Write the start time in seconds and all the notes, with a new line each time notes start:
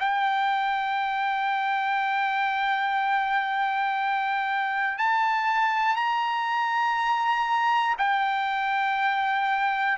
0.00 G5
4.98 A5
5.96 A#5
7.98 G5